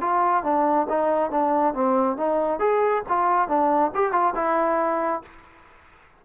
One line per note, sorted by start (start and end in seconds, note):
0.00 0.43 F4
0.43 0.87 D4
0.89 1.30 D#4
1.30 1.74 D4
1.74 2.17 C4
2.17 2.59 D#4
2.59 3.03 G#4
3.08 3.48 F4
3.48 3.91 D4
3.94 4.12 G4
4.12 4.34 F4
4.35 5.22 E4